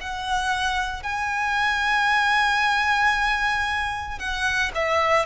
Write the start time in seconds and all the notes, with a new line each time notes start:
0.00 F#5
1.03 G#5
4.19 F#5
4.74 E5